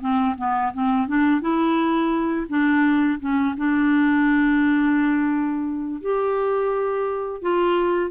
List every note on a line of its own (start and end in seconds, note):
0.00 0.35 C4
0.37 0.73 B3
0.73 1.07 C4
1.07 1.41 D4
1.41 2.47 E4
2.49 3.19 D4
3.20 3.55 C#4
3.57 6.01 D4
6.01 7.42 G4
7.42 8.10 F4